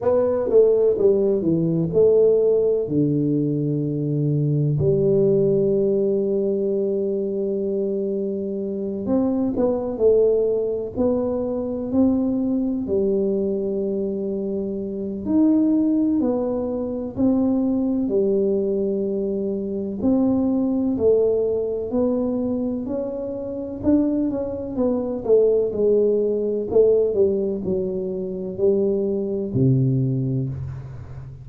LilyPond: \new Staff \with { instrumentName = "tuba" } { \time 4/4 \tempo 4 = 63 b8 a8 g8 e8 a4 d4~ | d4 g2.~ | g4. c'8 b8 a4 b8~ | b8 c'4 g2~ g8 |
dis'4 b4 c'4 g4~ | g4 c'4 a4 b4 | cis'4 d'8 cis'8 b8 a8 gis4 | a8 g8 fis4 g4 c4 | }